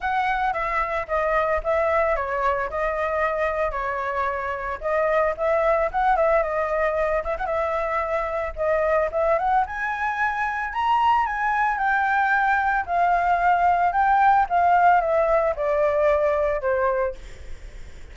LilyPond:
\new Staff \with { instrumentName = "flute" } { \time 4/4 \tempo 4 = 112 fis''4 e''4 dis''4 e''4 | cis''4 dis''2 cis''4~ | cis''4 dis''4 e''4 fis''8 e''8 | dis''4. e''16 fis''16 e''2 |
dis''4 e''8 fis''8 gis''2 | ais''4 gis''4 g''2 | f''2 g''4 f''4 | e''4 d''2 c''4 | }